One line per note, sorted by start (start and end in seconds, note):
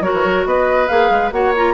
0.00 0.11 F#3
0.00 0.88 F#4
0.00 0.47 A#4
0.00 0.45 C#5
0.13 0.24 E3
0.24 0.45 F#3
0.45 0.88 B3
0.45 1.34 B4
0.45 0.88 D#5
0.88 1.10 A#3
0.88 1.32 G#4
0.88 1.31 F5
1.10 1.31 G#3
1.31 1.74 A#3
1.31 1.53 F#4
1.31 1.74 C#5
1.31 1.53 F#5
1.56 1.74 F4
1.56 1.74 A#5